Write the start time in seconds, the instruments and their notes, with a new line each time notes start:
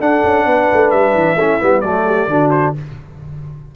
0.00 tuba D4, trombone D4, horn A4, trumpet F#5
0.24 tuba C#4
0.46 tuba B3, horn B4
0.73 tuba A3
0.90 tuba G3, trumpet E5
1.14 tuba E3
1.35 tuba A3, trombone C#4, horn E4
1.60 tuba G3, trombone B3
1.80 tuba F#3, trombone A3, horn A4, trumpet D5
2.06 horn G4
2.27 tuba D3, trombone D4, horn F#4
2.50 trumpet C5